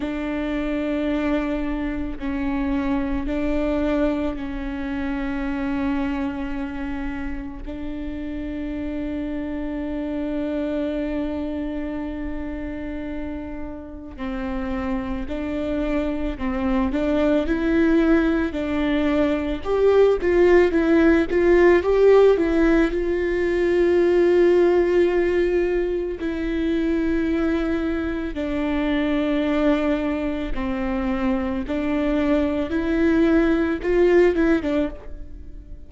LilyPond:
\new Staff \with { instrumentName = "viola" } { \time 4/4 \tempo 4 = 55 d'2 cis'4 d'4 | cis'2. d'4~ | d'1~ | d'4 c'4 d'4 c'8 d'8 |
e'4 d'4 g'8 f'8 e'8 f'8 | g'8 e'8 f'2. | e'2 d'2 | c'4 d'4 e'4 f'8 e'16 d'16 | }